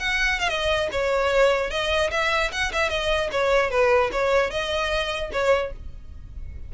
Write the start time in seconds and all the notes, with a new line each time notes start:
0.00 F#5
0.40 F5
0.49 D#5
0.92 C#5
1.71 D#5
2.11 E5
2.52 F#5
2.73 E5
2.90 D#5
3.32 C#5
3.71 B4
4.12 C#5
4.51 D#5
5.33 C#5